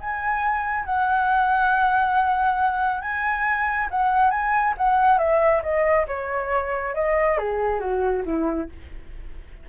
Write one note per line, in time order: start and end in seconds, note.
0.00 0.85 G#5
0.85 3.01 F#5
3.01 3.88 G#5
3.90 4.30 F#5
4.30 4.74 G#5
4.77 5.18 F#5
5.18 5.61 E5
5.62 6.06 D#5
6.07 6.94 C#5
6.94 7.37 D#5
7.37 7.80 G#4
7.80 8.23 F#4
8.25 8.69 E4